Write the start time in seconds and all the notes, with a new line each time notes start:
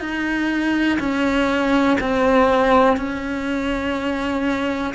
0.00 D#4
0.99 C#4
2.00 C4
2.97 C#4